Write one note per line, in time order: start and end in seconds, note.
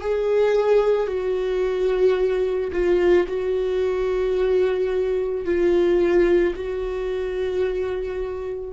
0.00 1.07 G#4
1.07 2.71 F#4
2.72 3.27 F4
3.28 5.45 F#4
5.45 6.54 F4
6.55 8.73 F#4